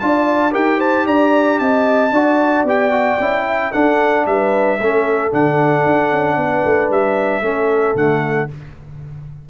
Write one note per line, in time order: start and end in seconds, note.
0.00 0.55 D4
0.00 0.51 F4
0.00 0.52 D5
0.00 0.53 A5
0.51 1.07 D#4
0.51 2.11 G4
0.51 0.78 A#4
0.51 0.81 G5
0.78 1.05 C5
0.78 1.07 A5
1.07 1.60 D4
1.07 1.60 D5
1.07 1.60 A#5
1.60 2.12 C4
1.60 2.13 D#5
1.60 2.66 A5
2.12 2.64 D4
2.12 2.67 F#4
2.12 3.46 D5
2.64 3.17 B3
2.64 2.92 G4
2.64 3.73 G5
2.92 3.18 F#4
3.20 3.73 C#4
3.20 3.73 E4
3.48 3.72 E5
3.72 4.79 D4
3.72 4.26 D4
3.72 4.25 A4
3.72 4.26 F#5
4.26 4.79 G3
4.26 4.79 B4
4.26 5.33 E5
4.79 5.33 A3
4.79 5.32 C#4
4.79 6.38 A4
5.32 5.86 D3
5.32 7.43 D4
5.32 6.92 F#5
5.86 6.12 D4
6.12 6.37 C#4
6.37 6.63 B3
6.37 7.43 B4
6.65 6.90 A3
6.90 7.41 G3
6.90 7.97 E5
7.41 7.94 A3
7.41 7.96 C#4
7.41 8.50 A4
7.95 8.49 D3
7.95 8.49 A3
7.95 8.50 F#5